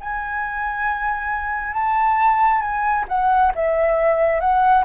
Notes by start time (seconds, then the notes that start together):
0.00 G#5
1.73 A5
2.61 G#5
3.08 F#5
3.55 E5
4.40 F#5